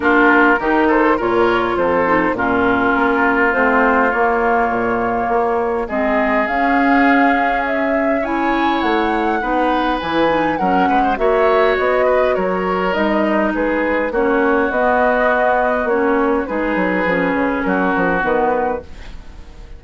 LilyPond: <<
  \new Staff \with { instrumentName = "flute" } { \time 4/4 \tempo 4 = 102 ais'4. c''8 cis''4 c''4 | ais'2 c''4 cis''4~ | cis''2 dis''4 f''4~ | f''4 e''4 gis''4 fis''4~ |
fis''4 gis''4 fis''4 e''4 | dis''4 cis''4 dis''4 b'4 | cis''4 dis''2 cis''4 | b'2 ais'4 b'4 | }
  \new Staff \with { instrumentName = "oboe" } { \time 4/4 f'4 g'8 a'8 ais'4 a'4 | f'1~ | f'2 gis'2~ | gis'2 cis''2 |
b'2 ais'8 b'16 c''16 cis''4~ | cis''8 b'8 ais'2 gis'4 | fis'1 | gis'2 fis'2 | }
  \new Staff \with { instrumentName = "clarinet" } { \time 4/4 d'4 dis'4 f'4. dis'8 | cis'2 c'4 ais4~ | ais2 c'4 cis'4~ | cis'2 e'2 |
dis'4 e'8 dis'8 cis'4 fis'4~ | fis'2 dis'2 | cis'4 b2 cis'4 | dis'4 cis'2 b4 | }
  \new Staff \with { instrumentName = "bassoon" } { \time 4/4 ais4 dis4 ais,4 f,4 | ais,4 ais4 a4 ais4 | ais,4 ais4 gis4 cis'4~ | cis'2. a4 |
b4 e4 fis8 gis8 ais4 | b4 fis4 g4 gis4 | ais4 b2 ais4 | gis8 fis8 f8 cis8 fis8 f8 dis4 | }
>>